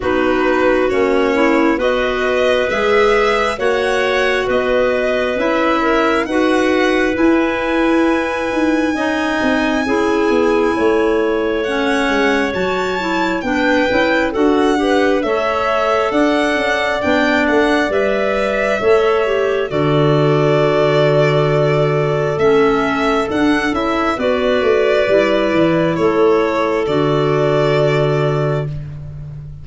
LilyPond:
<<
  \new Staff \with { instrumentName = "violin" } { \time 4/4 \tempo 4 = 67 b'4 cis''4 dis''4 e''4 | fis''4 dis''4 e''4 fis''4 | gis''1~ | gis''4 fis''4 a''4 g''4 |
fis''4 e''4 fis''4 g''8 fis''8 | e''2 d''2~ | d''4 e''4 fis''8 e''8 d''4~ | d''4 cis''4 d''2 | }
  \new Staff \with { instrumentName = "clarinet" } { \time 4/4 fis'4. e'8 b'2 | cis''4 b'4. ais'8 b'4~ | b'2 dis''4 gis'4 | cis''2. b'4 |
a'8 b'8 cis''4 d''2~ | d''4 cis''4 a'2~ | a'2. b'4~ | b'4 a'2. | }
  \new Staff \with { instrumentName = "clarinet" } { \time 4/4 dis'4 cis'4 fis'4 gis'4 | fis'2 e'4 fis'4 | e'2 dis'4 e'4~ | e'4 cis'4 fis'8 e'8 d'8 e'8 |
fis'8 g'8 a'2 d'4 | b'4 a'8 g'8 fis'2~ | fis'4 cis'4 d'8 e'8 fis'4 | e'2 fis'2 | }
  \new Staff \with { instrumentName = "tuba" } { \time 4/4 b4 ais4 b4 gis4 | ais4 b4 cis'4 dis'4 | e'4. dis'8 cis'8 c'8 cis'8 b8 | a4. gis8 fis4 b8 cis'8 |
d'4 a4 d'8 cis'8 b8 a8 | g4 a4 d2~ | d4 a4 d'8 cis'8 b8 a8 | g8 e8 a4 d2 | }
>>